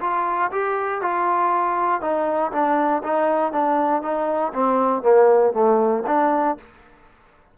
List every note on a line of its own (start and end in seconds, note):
0.00 0.50 F4
0.51 1.01 G4
1.01 2.01 F4
2.01 2.51 D#4
2.52 3.02 D4
3.03 3.52 D#4
3.52 4.02 D4
4.02 4.52 D#4
4.53 5.02 C4
5.02 5.53 A#3
5.53 6.03 A3
6.07 6.57 D4